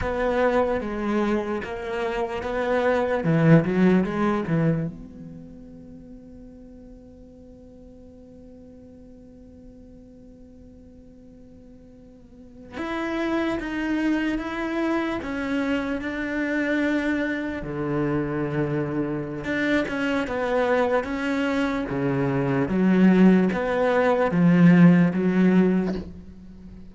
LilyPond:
\new Staff \with { instrumentName = "cello" } { \time 4/4 \tempo 4 = 74 b4 gis4 ais4 b4 | e8 fis8 gis8 e8 b2~ | b1~ | b2.~ b8. e'16~ |
e'8. dis'4 e'4 cis'4 d'16~ | d'4.~ d'16 d2~ d16 | d'8 cis'8 b4 cis'4 cis4 | fis4 b4 f4 fis4 | }